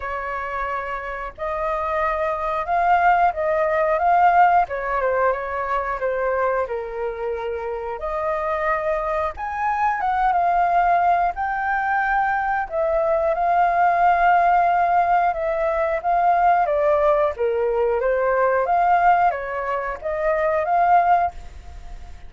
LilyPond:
\new Staff \with { instrumentName = "flute" } { \time 4/4 \tempo 4 = 90 cis''2 dis''2 | f''4 dis''4 f''4 cis''8 c''8 | cis''4 c''4 ais'2 | dis''2 gis''4 fis''8 f''8~ |
f''4 g''2 e''4 | f''2. e''4 | f''4 d''4 ais'4 c''4 | f''4 cis''4 dis''4 f''4 | }